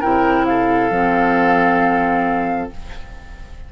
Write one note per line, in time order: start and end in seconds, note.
0.00 0.90 C3
0.00 0.92 E4
0.00 0.45 A#4
0.00 0.46 G5
0.46 2.73 A4
0.46 2.70 F5
0.90 2.70 F3
0.90 2.71 C4